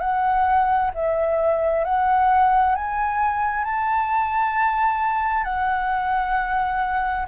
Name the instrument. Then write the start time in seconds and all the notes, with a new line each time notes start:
flute
0.00 F#5
0.94 E5
1.84 F#5
2.75 G#5
3.64 A5
5.44 F#5